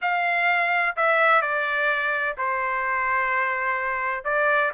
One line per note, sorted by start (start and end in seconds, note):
0.01 0.96 F5
0.96 1.41 E5
1.41 2.36 D5
2.37 4.24 C5
4.24 4.71 D5